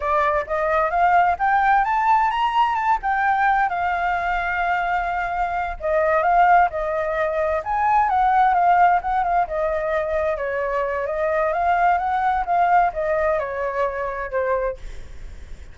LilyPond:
\new Staff \with { instrumentName = "flute" } { \time 4/4 \tempo 4 = 130 d''4 dis''4 f''4 g''4 | a''4 ais''4 a''8 g''4. | f''1~ | f''8 dis''4 f''4 dis''4.~ |
dis''8 gis''4 fis''4 f''4 fis''8 | f''8 dis''2 cis''4. | dis''4 f''4 fis''4 f''4 | dis''4 cis''2 c''4 | }